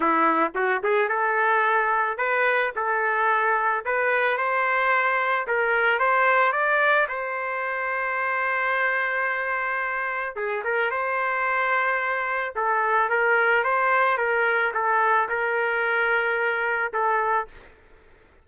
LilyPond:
\new Staff \with { instrumentName = "trumpet" } { \time 4/4 \tempo 4 = 110 e'4 fis'8 gis'8 a'2 | b'4 a'2 b'4 | c''2 ais'4 c''4 | d''4 c''2.~ |
c''2. gis'8 ais'8 | c''2. a'4 | ais'4 c''4 ais'4 a'4 | ais'2. a'4 | }